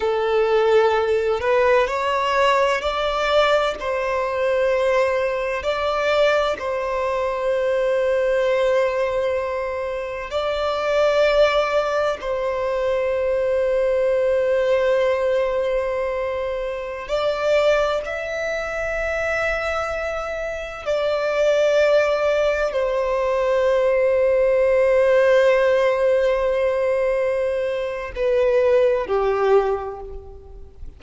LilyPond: \new Staff \with { instrumentName = "violin" } { \time 4/4 \tempo 4 = 64 a'4. b'8 cis''4 d''4 | c''2 d''4 c''4~ | c''2. d''4~ | d''4 c''2.~ |
c''2~ c''16 d''4 e''8.~ | e''2~ e''16 d''4.~ d''16~ | d''16 c''2.~ c''8.~ | c''2 b'4 g'4 | }